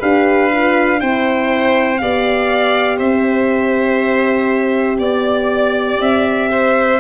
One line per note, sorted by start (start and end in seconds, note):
0.00 1.01 D4
0.00 0.51 G4
0.00 1.00 B4
0.00 1.01 F5
0.53 0.99 F4
0.99 2.01 C4
0.99 1.99 E4
0.99 2.01 C5
0.99 1.98 G5
1.98 3.00 B3
1.98 7.01 G4
1.98 2.97 D5
1.98 2.98 F5
2.97 4.99 C4
2.97 4.97 C5
2.97 4.99 E5
4.99 5.99 B3
4.99 6.49 D5
4.99 6.02 D5
6.00 7.00 C4
6.00 7.01 E5
6.51 7.01 C5